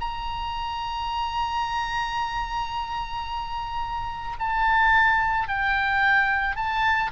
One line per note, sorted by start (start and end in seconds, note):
0.00 4.36 A#5
4.39 5.48 A5
5.48 6.56 G5
6.56 7.11 A5